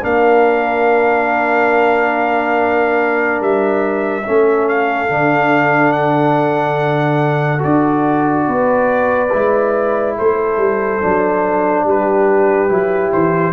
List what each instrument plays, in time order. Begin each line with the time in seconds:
0.00 tuba A#3, trombone D4, horn A#4, trumpet F5
3.40 tuba G3, trumpet E5
4.24 tuba A3, trombone C#4, horn A4
4.68 trumpet F5
5.08 tuba D3, trombone D4
5.92 trumpet F#5
7.59 tuba D4, trombone F#4, trumpet D5
8.47 tuba B3, horn B4
9.32 tuba G#3, trombone E4
10.17 tuba A3, horn A4, trumpet C5
10.57 tuba G3
11.01 tuba F#3, trombone D4
11.84 tuba G3, horn G4, trumpet B4
12.68 tuba F#3, trombone E4
13.12 tuba E3, trumpet C5